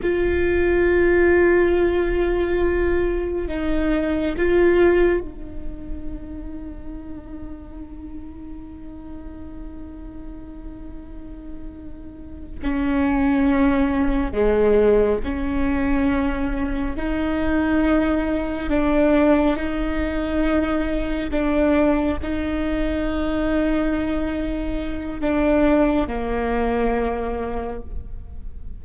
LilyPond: \new Staff \with { instrumentName = "viola" } { \time 4/4 \tempo 4 = 69 f'1 | dis'4 f'4 dis'2~ | dis'1~ | dis'2~ dis'8 cis'4.~ |
cis'8 gis4 cis'2 dis'8~ | dis'4. d'4 dis'4.~ | dis'8 d'4 dis'2~ dis'8~ | dis'4 d'4 ais2 | }